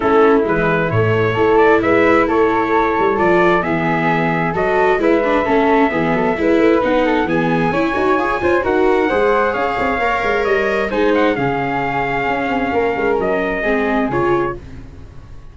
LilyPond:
<<
  \new Staff \with { instrumentName = "trumpet" } { \time 4/4 \tempo 4 = 132 a'4 b'4 cis''4. d''8 | e''4 cis''2 d''4 | e''2 dis''4 e''4~ | e''2. fis''4 |
gis''2. fis''4~ | fis''4 f''2 dis''4 | gis''8 fis''8 f''2.~ | f''4 dis''2 cis''4 | }
  \new Staff \with { instrumentName = "flute" } { \time 4/4 e'2. a'4 | b'4 a'2. | gis'2 a'4 b'4 | a'4 gis'8 a'8 b'4. a'8 |
gis'4 cis''4. c''8 ais'4 | c''4 cis''2. | c''4 gis'2. | ais'2 gis'2 | }
  \new Staff \with { instrumentName = "viola" } { \time 4/4 cis'4 gis4 a4 e'4~ | e'2. f'4 | b2 fis'4 e'8 d'8 | cis'4 b4 e'4 dis'4 |
b4 e'8 fis'8 gis'8 f'8 fis'4 | gis'2 ais'2 | dis'4 cis'2.~ | cis'2 c'4 f'4 | }
  \new Staff \with { instrumentName = "tuba" } { \time 4/4 a4 e4 a,4 a4 | gis4 a4. g8 f4 | e2 fis4 gis4 | a4 e8 fis8 gis8 a8 b4 |
e4 cis'8 dis'8 f'8 cis'8 dis'4 | gis4 cis'8 c'8 ais8 gis8 g4 | gis4 cis2 cis'8 c'8 | ais8 gis8 fis4 gis4 cis4 | }
>>